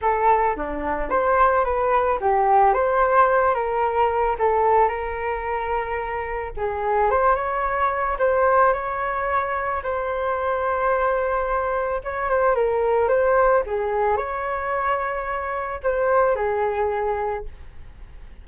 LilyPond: \new Staff \with { instrumentName = "flute" } { \time 4/4 \tempo 4 = 110 a'4 d'4 c''4 b'4 | g'4 c''4. ais'4. | a'4 ais'2. | gis'4 c''8 cis''4. c''4 |
cis''2 c''2~ | c''2 cis''8 c''8 ais'4 | c''4 gis'4 cis''2~ | cis''4 c''4 gis'2 | }